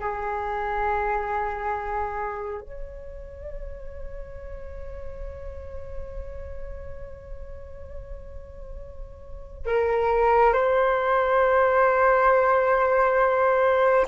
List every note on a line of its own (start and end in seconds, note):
0.00 2.61 G#4
2.61 9.66 C#5
9.66 10.53 A#4
10.53 14.06 C5